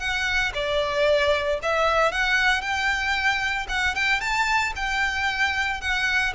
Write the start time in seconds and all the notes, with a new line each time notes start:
0.00 F#5
0.55 D5
1.63 E5
2.12 F#5
2.62 G5
3.69 F#5
3.95 G5
4.21 A5
4.76 G5
5.81 F#5